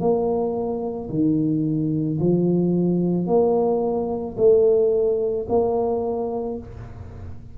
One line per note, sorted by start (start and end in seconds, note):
0.00 1.09 A#3
1.10 2.19 D#3
2.20 3.26 F3
3.26 4.35 A#3
4.37 5.46 A3
5.48 6.58 A#3